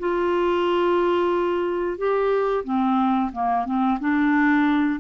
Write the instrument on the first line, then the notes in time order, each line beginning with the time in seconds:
clarinet
0.00 F4
1.98 G4
2.65 C4
3.32 A#3
3.66 C4
4.00 D4